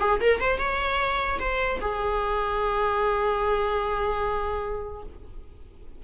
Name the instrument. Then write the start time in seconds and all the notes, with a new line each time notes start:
viola
0.00 G#4
0.21 A#4
0.41 C5
0.59 C#5
1.40 C5
1.81 G#4